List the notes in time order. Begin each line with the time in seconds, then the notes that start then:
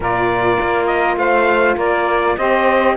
0.00 A#2 F4 A#4 D5
0.61 A#3
0.86 D#5
1.17 A3 C5 F5
1.76 A#3 A#4 D5
2.37 C4 G4 C5 D#5